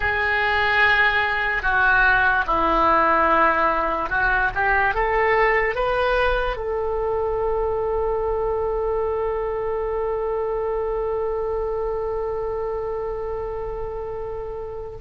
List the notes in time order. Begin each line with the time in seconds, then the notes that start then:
0.00 G#4
1.62 F#4
2.46 E4
4.09 F#4
4.54 G4
4.94 A4
5.75 B4
6.56 A4